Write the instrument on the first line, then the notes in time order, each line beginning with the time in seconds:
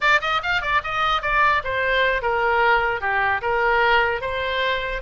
oboe
0.00 D5
0.21 D#5
0.42 F5
0.61 D5
0.83 D#5
1.22 D5
1.63 C5
2.22 A#4
3.01 G4
3.41 A#4
4.21 C5